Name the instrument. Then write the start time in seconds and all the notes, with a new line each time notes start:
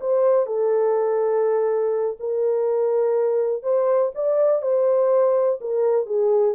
horn
0.00 C5
0.46 A4
2.19 A#4
3.63 C5
4.14 D5
4.61 C5
5.61 A#4
6.06 G#4